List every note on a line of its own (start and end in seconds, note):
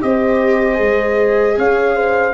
0.00 0.79 C4
0.00 0.74 G4
0.00 1.58 C5
0.00 1.57 D#5
0.74 1.57 G#3
0.74 2.30 G#4
1.57 2.33 C#4
1.57 1.95 C#5
1.57 2.33 F5
1.95 2.33 C5